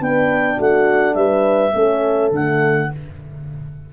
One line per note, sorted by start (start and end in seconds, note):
0.00 0.58 B3
0.00 1.74 D4
0.00 0.56 B4
0.00 0.60 G5
0.56 1.15 A3
0.56 1.14 F#4
0.56 1.14 F#5
1.14 1.72 G3
1.14 1.74 B4
1.14 2.29 E5
1.74 2.30 A3
1.74 2.32 C#4
1.74 2.91 A4
2.30 2.88 D3
2.30 2.91 A3
2.30 2.93 F#5